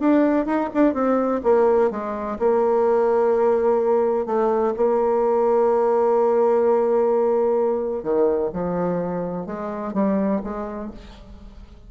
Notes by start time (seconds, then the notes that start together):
0.00 D4
0.46 D#4
0.74 D4
0.94 C4
1.44 A#3
1.91 G#3
2.39 A#3
4.26 A3
4.77 A#3
8.03 D#3
8.53 F3
9.47 G#3
9.93 G3
10.44 G#3